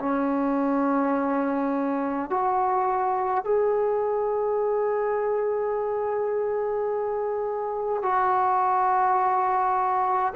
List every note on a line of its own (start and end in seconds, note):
0.00 2.30 C#4
2.30 3.45 F#4
3.45 8.03 G#4
8.03 10.34 F#4